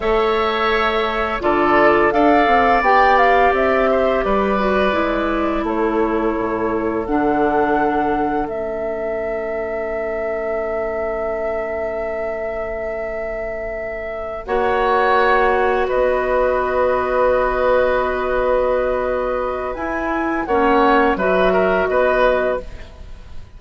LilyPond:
<<
  \new Staff \with { instrumentName = "flute" } { \time 4/4 \tempo 4 = 85 e''2 d''4 f''4 | g''8 f''8 e''4 d''2 | cis''2 fis''2 | e''1~ |
e''1~ | e''8 fis''2 dis''4.~ | dis''1 | gis''4 fis''4 e''4 dis''4 | }
  \new Staff \with { instrumentName = "oboe" } { \time 4/4 cis''2 a'4 d''4~ | d''4. c''8 b'2 | a'1~ | a'1~ |
a'1~ | a'8 cis''2 b'4.~ | b'1~ | b'4 cis''4 b'8 ais'8 b'4 | }
  \new Staff \with { instrumentName = "clarinet" } { \time 4/4 a'2 f'4 a'4 | g'2~ g'8 fis'8 e'4~ | e'2 d'2 | cis'1~ |
cis'1~ | cis'8 fis'2.~ fis'8~ | fis'1 | e'4 cis'4 fis'2 | }
  \new Staff \with { instrumentName = "bassoon" } { \time 4/4 a2 d4 d'8 c'8 | b4 c'4 g4 gis4 | a4 a,4 d2 | a1~ |
a1~ | a8 ais2 b4.~ | b1 | e'4 ais4 fis4 b4 | }
>>